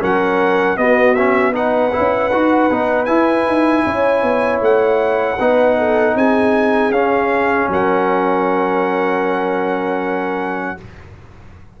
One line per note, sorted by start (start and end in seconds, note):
0.00 0.77 F#3
0.00 0.77 C#4
0.00 0.77 A#4
0.00 0.77 F#5
0.77 1.15 B3
0.77 1.93 B3
0.77 1.53 F#4
0.77 1.14 D#5
1.14 1.52 C#4
1.14 1.52 E5
1.52 1.91 D#4
1.52 3.84 B4
1.52 3.05 F#5
1.92 2.31 C#4
1.92 2.30 E4
2.31 2.70 D#4
2.31 2.70 F#4
2.70 3.08 B3
2.70 3.07 D#4
3.05 5.37 E4
3.05 3.46 E4
3.05 4.59 G#5
3.46 3.84 D#4
3.86 4.22 C#4
3.86 5.39 C#5
4.22 4.60 B3
4.60 5.37 A3
4.60 6.17 F#5
5.39 6.14 B3
5.39 6.93 D#4
5.39 5.77 B4
5.78 6.16 A4
6.14 6.90 C4
6.14 7.71 G#4
6.14 6.92 G#5
6.90 7.67 C#4
6.90 10.77 C#4
6.90 7.68 F5
7.68 10.75 F#3
7.68 10.78 A#4
7.68 10.80 F#5